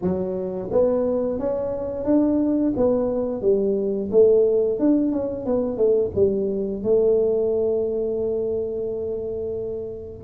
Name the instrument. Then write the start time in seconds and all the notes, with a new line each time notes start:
tuba
0.01 F#3
0.71 B3
1.39 C#4
2.05 D4
2.76 B3
3.41 G3
4.11 A3
4.79 D4
5.12 C#4
5.45 B3
5.77 A3
6.15 G3
6.83 A3